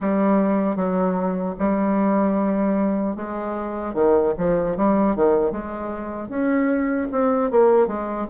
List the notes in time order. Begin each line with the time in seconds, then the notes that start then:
0.00 G3
0.76 F#3
1.59 G3
3.16 G#3
3.94 D#3
4.37 F3
4.76 G3
5.15 D#3
5.51 G#3
6.28 C#4
7.11 C4
7.50 A#3
7.87 G#3